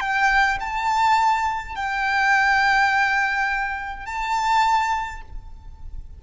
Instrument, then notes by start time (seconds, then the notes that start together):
violin
0.00 G5
0.60 A5
1.76 G5
4.06 A5